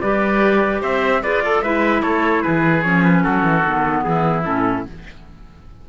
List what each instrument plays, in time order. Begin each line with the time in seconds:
0.00 cello G3, clarinet G4, oboe B4, trumpet D5
0.81 cello C4, oboe C5, trumpet E5
1.22 cello F4, clarinet G#4, oboe B4, trumpet D5
1.44 oboe A4, clarinet A4
1.61 cello G#3, clarinet E4, oboe B4, trumpet E5
2.01 cello A3, oboe A4, trumpet C#5
2.42 cello E3, oboe G#4, trumpet B4
2.82 cello F3, clarinet C#4, trumpet C#5
3.03 trumpet B4
3.22 cello F#3, oboe F#4, trumpet A4
3.43 cello E3
3.65 cello D#3, clarinet B3
4.03 cello E3, oboe E4, trumpet G#4
4.43 cello A2, clarinet C#4, trumpet A4